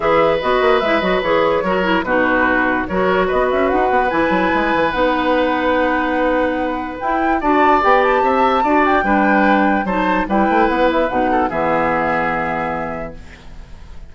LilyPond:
<<
  \new Staff \with { instrumentName = "flute" } { \time 4/4 \tempo 4 = 146 e''4 dis''4 e''8 dis''8 cis''4~ | cis''4 b'2 cis''4 | dis''8 e''8 fis''4 gis''2 | fis''1~ |
fis''4 g''4 a''4 g''8 a''8~ | a''4. g''2~ g''8 | a''4 g''4 fis''8 e''8 fis''4 | e''1 | }
  \new Staff \with { instrumentName = "oboe" } { \time 4/4 b'1 | ais'4 fis'2 ais'4 | b'1~ | b'1~ |
b'2 d''2 | e''4 d''4 b'2 | c''4 b'2~ b'8 a'8 | gis'1 | }
  \new Staff \with { instrumentName = "clarinet" } { \time 4/4 gis'4 fis'4 e'8 fis'8 gis'4 | fis'8 e'8 dis'2 fis'4~ | fis'2 e'2 | dis'1~ |
dis'4 e'4 fis'4 g'4~ | g'4 fis'4 d'2 | dis'4 e'2 dis'4 | b1 | }
  \new Staff \with { instrumentName = "bassoon" } { \time 4/4 e4 b8 ais8 gis8 fis8 e4 | fis4 b,2 fis4 | b8 cis'8 dis'8 b8 e8 fis8 gis8 e8 | b1~ |
b4 e'4 d'4 b4 | c'4 d'4 g2 | fis4 g8 a8 b4 b,4 | e1 | }
>>